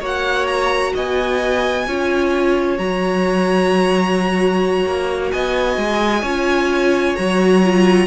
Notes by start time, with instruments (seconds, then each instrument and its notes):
0.00 cello A#3, viola F#4, violin C#5 F#5
0.46 violin A#5
0.94 cello B3, violin D#5 G#5
1.87 cello C#4, viola F4, violin C#5
2.77 cello F#3, viola F#4, violin A#5
4.85 cello A#3
5.32 cello B3, violin D#5 G#5
5.77 cello G#3
6.22 cello C#4, viola F4, violin C#5
7.15 cello F#3, viola F#4, violin A#5
7.64 viola F4